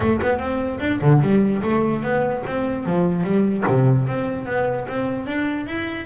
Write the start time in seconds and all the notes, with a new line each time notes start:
0.00 A3
0.22 B3
0.38 C4
0.79 D4
1.01 D3
1.21 G3
1.62 A3
2.02 B3
2.46 C4
2.85 F3
3.23 G3
3.67 C3
4.07 C4
4.46 B3
4.88 C4
5.26 D4
5.66 E4